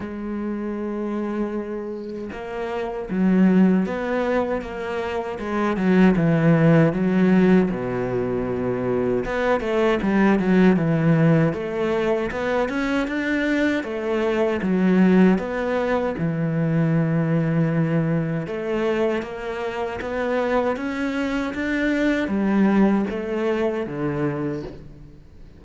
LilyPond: \new Staff \with { instrumentName = "cello" } { \time 4/4 \tempo 4 = 78 gis2. ais4 | fis4 b4 ais4 gis8 fis8 | e4 fis4 b,2 | b8 a8 g8 fis8 e4 a4 |
b8 cis'8 d'4 a4 fis4 | b4 e2. | a4 ais4 b4 cis'4 | d'4 g4 a4 d4 | }